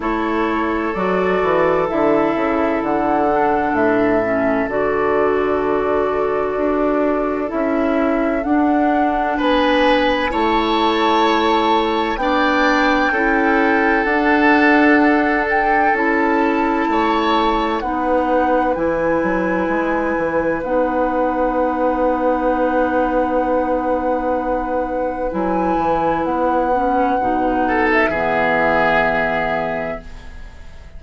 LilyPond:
<<
  \new Staff \with { instrumentName = "flute" } { \time 4/4 \tempo 4 = 64 cis''4 d''4 e''4 fis''4 | e''4 d''2. | e''4 fis''4 gis''4 a''4~ | a''4 g''2 fis''4~ |
fis''8 g''8 a''2 fis''4 | gis''2 fis''2~ | fis''2. gis''4 | fis''4.~ fis''16 e''2~ e''16 | }
  \new Staff \with { instrumentName = "oboe" } { \time 4/4 a'1~ | a'1~ | a'2 b'4 cis''4~ | cis''4 d''4 a'2~ |
a'2 cis''4 b'4~ | b'1~ | b'1~ | b'4. a'8 gis'2 | }
  \new Staff \with { instrumentName = "clarinet" } { \time 4/4 e'4 fis'4 e'4. d'8~ | d'8 cis'8 fis'2. | e'4 d'2 e'4~ | e'4 d'4 e'4 d'4~ |
d'4 e'2 dis'4 | e'2 dis'2~ | dis'2. e'4~ | e'8 cis'8 dis'4 b2 | }
  \new Staff \with { instrumentName = "bassoon" } { \time 4/4 a4 fis8 e8 d8 cis8 d4 | a,4 d2 d'4 | cis'4 d'4 b4 a4~ | a4 b4 cis'4 d'4~ |
d'4 cis'4 a4 b4 | e8 fis8 gis8 e8 b2~ | b2. fis8 e8 | b4 b,4 e2 | }
>>